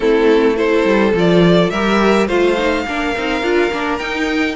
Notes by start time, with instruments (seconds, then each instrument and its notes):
0.00 cello A3, viola C4, violin E4 A4
0.55 viola E4, violin A4 C5
0.84 cello G3
1.13 cello F3, viola F4, violin D5
1.70 cello G3, viola G4, violin A#4 E5
2.27 cello A3, viola F4, violin C5 F5
2.57 viola D#4
2.86 cello A#3, viola D4, violin A#4
3.17 cello C4, viola D#4
3.42 cello D4, viola F4
3.71 cello A#3, viola D4
3.98 viola D#4, cello D#4, violin G5